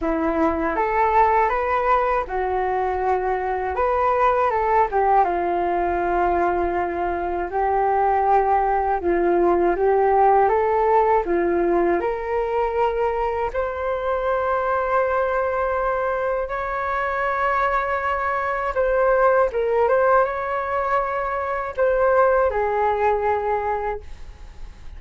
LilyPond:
\new Staff \with { instrumentName = "flute" } { \time 4/4 \tempo 4 = 80 e'4 a'4 b'4 fis'4~ | fis'4 b'4 a'8 g'8 f'4~ | f'2 g'2 | f'4 g'4 a'4 f'4 |
ais'2 c''2~ | c''2 cis''2~ | cis''4 c''4 ais'8 c''8 cis''4~ | cis''4 c''4 gis'2 | }